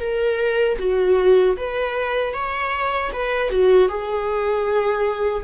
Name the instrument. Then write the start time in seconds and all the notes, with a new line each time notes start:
viola
0.00 A#4
0.79 F#4
1.57 B4
2.34 C#5
3.13 B4
3.50 F#4
3.89 G#4